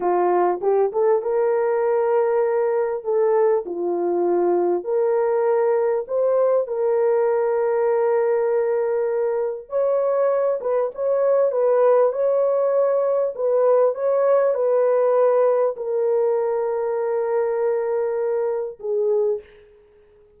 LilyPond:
\new Staff \with { instrumentName = "horn" } { \time 4/4 \tempo 4 = 99 f'4 g'8 a'8 ais'2~ | ais'4 a'4 f'2 | ais'2 c''4 ais'4~ | ais'1 |
cis''4. b'8 cis''4 b'4 | cis''2 b'4 cis''4 | b'2 ais'2~ | ais'2. gis'4 | }